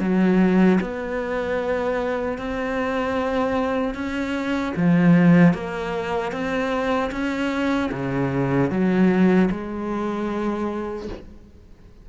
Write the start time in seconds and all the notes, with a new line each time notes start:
0.00 F#3
0.81 B3
2.38 C4
3.94 C#4
4.76 F3
5.54 A#3
6.32 C4
7.12 C#4
7.92 C#3
8.70 F#3
9.51 G#3